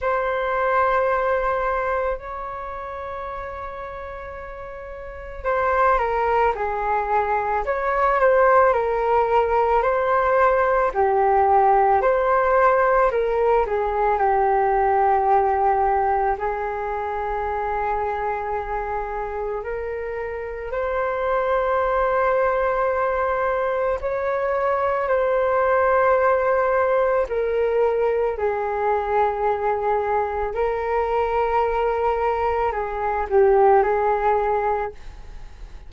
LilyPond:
\new Staff \with { instrumentName = "flute" } { \time 4/4 \tempo 4 = 55 c''2 cis''2~ | cis''4 c''8 ais'8 gis'4 cis''8 c''8 | ais'4 c''4 g'4 c''4 | ais'8 gis'8 g'2 gis'4~ |
gis'2 ais'4 c''4~ | c''2 cis''4 c''4~ | c''4 ais'4 gis'2 | ais'2 gis'8 g'8 gis'4 | }